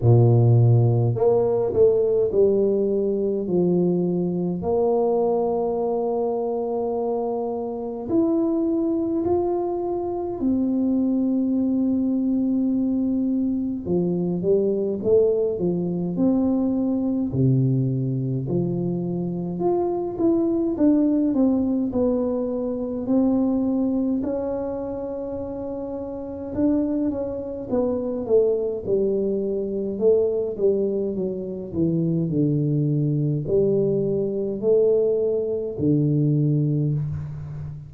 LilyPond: \new Staff \with { instrumentName = "tuba" } { \time 4/4 \tempo 4 = 52 ais,4 ais8 a8 g4 f4 | ais2. e'4 | f'4 c'2. | f8 g8 a8 f8 c'4 c4 |
f4 f'8 e'8 d'8 c'8 b4 | c'4 cis'2 d'8 cis'8 | b8 a8 g4 a8 g8 fis8 e8 | d4 g4 a4 d4 | }